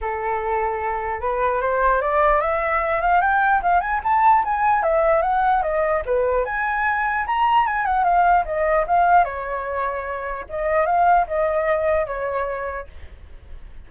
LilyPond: \new Staff \with { instrumentName = "flute" } { \time 4/4 \tempo 4 = 149 a'2. b'4 | c''4 d''4 e''4. f''8 | g''4 f''8 gis''8 a''4 gis''4 | e''4 fis''4 dis''4 b'4 |
gis''2 ais''4 gis''8 fis''8 | f''4 dis''4 f''4 cis''4~ | cis''2 dis''4 f''4 | dis''2 cis''2 | }